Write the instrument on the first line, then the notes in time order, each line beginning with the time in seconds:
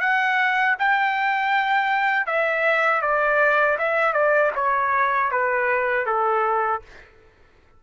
trumpet
0.00 F#5
0.79 G5
2.26 E5
3.02 D5
3.79 E5
4.13 D5
4.55 C#5
5.31 B4
6.06 A4